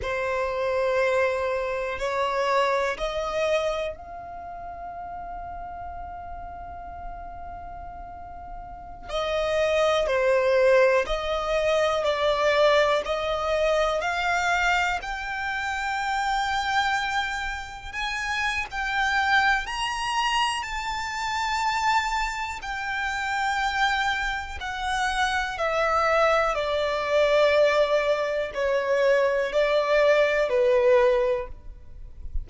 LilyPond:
\new Staff \with { instrumentName = "violin" } { \time 4/4 \tempo 4 = 61 c''2 cis''4 dis''4 | f''1~ | f''4~ f''16 dis''4 c''4 dis''8.~ | dis''16 d''4 dis''4 f''4 g''8.~ |
g''2~ g''16 gis''8. g''4 | ais''4 a''2 g''4~ | g''4 fis''4 e''4 d''4~ | d''4 cis''4 d''4 b'4 | }